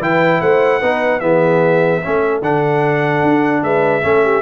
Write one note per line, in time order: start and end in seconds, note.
0.00 0.40 E3
0.00 0.81 E4
0.00 0.40 B4
0.00 0.41 G5
0.40 0.81 A3
0.40 0.79 C5
0.40 1.20 F#5
0.79 1.21 B3
0.79 1.21 D#4
0.79 1.20 B4
1.20 2.01 E3
1.20 2.01 B3
1.20 2.02 G#4
1.20 2.40 E5
2.01 2.41 A3
2.01 2.42 C#4
2.01 3.63 A4
2.41 3.22 D3
2.41 4.02 D4
2.41 3.63 F#5
3.22 3.62 D4
3.62 4.03 G#3
3.62 4.03 B4
3.62 4.41 E5
4.02 4.41 A3
4.02 4.41 C#4
4.02 4.23 A4
4.23 4.41 G4